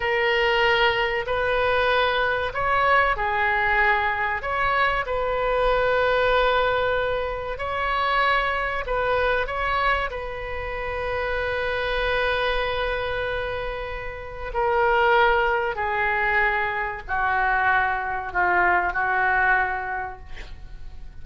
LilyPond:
\new Staff \with { instrumentName = "oboe" } { \time 4/4 \tempo 4 = 95 ais'2 b'2 | cis''4 gis'2 cis''4 | b'1 | cis''2 b'4 cis''4 |
b'1~ | b'2. ais'4~ | ais'4 gis'2 fis'4~ | fis'4 f'4 fis'2 | }